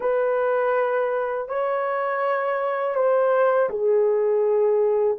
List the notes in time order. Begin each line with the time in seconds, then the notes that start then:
0.00 B4
1.48 C#5
2.95 C5
3.69 G#4